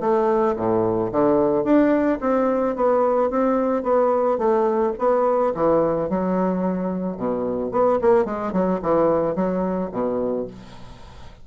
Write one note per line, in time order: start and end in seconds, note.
0.00 0.55 A3
0.56 1.11 A2
1.12 1.64 D3
1.64 2.19 D4
2.20 2.75 C4
2.75 3.30 B3
3.30 3.83 C4
3.83 4.38 B3
4.38 4.93 A3
4.98 5.53 B3
5.54 6.09 E3
6.09 7.17 F#3
7.17 7.71 B2
7.71 7.99 B3
8.01 8.25 A#3
8.25 8.52 G#3
8.52 8.80 F#3
8.82 9.35 E3
9.35 9.90 F#3
9.92 10.47 B2